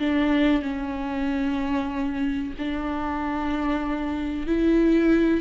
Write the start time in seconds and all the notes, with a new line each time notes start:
0.00 D4
0.62 C#4
2.59 D4
4.47 E4